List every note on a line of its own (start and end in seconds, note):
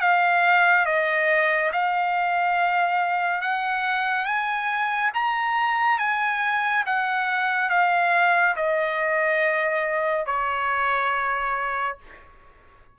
0.00 0.85 F5
0.85 1.71 D#5
1.72 3.41 F5
3.41 4.25 F#5
4.25 5.10 G#5
5.14 5.98 A#5
5.98 6.84 G#5
6.85 7.69 F#5
7.69 8.55 F5
8.56 10.25 D#5
10.25 11.97 C#5